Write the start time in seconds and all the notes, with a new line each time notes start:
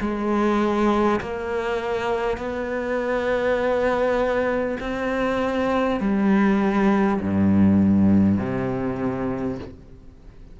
0.00 G#3
1.21 A#3
2.37 B3
4.80 C4
6.01 G3
7.21 G2
8.39 C3